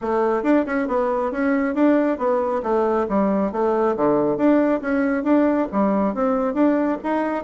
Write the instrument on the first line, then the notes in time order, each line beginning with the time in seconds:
bassoon
0.01 A3
0.43 D4
0.65 C#4
0.87 B3
1.31 C#4
1.74 D4
2.18 B3
2.62 A3
3.08 G3
3.52 A3
3.96 D3
4.37 D4
4.81 C#4
5.23 D4
5.72 G3
6.14 C4
6.54 D4
7.03 D#4